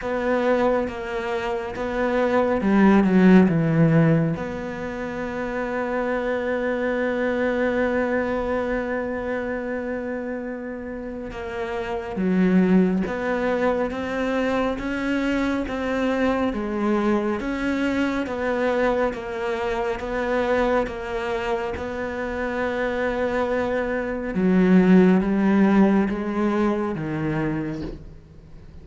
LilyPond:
\new Staff \with { instrumentName = "cello" } { \time 4/4 \tempo 4 = 69 b4 ais4 b4 g8 fis8 | e4 b2.~ | b1~ | b4 ais4 fis4 b4 |
c'4 cis'4 c'4 gis4 | cis'4 b4 ais4 b4 | ais4 b2. | fis4 g4 gis4 dis4 | }